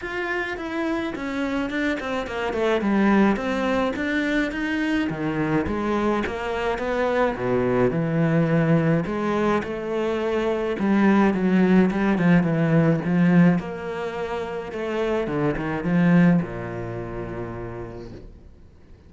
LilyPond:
\new Staff \with { instrumentName = "cello" } { \time 4/4 \tempo 4 = 106 f'4 e'4 cis'4 d'8 c'8 | ais8 a8 g4 c'4 d'4 | dis'4 dis4 gis4 ais4 | b4 b,4 e2 |
gis4 a2 g4 | fis4 g8 f8 e4 f4 | ais2 a4 d8 dis8 | f4 ais,2. | }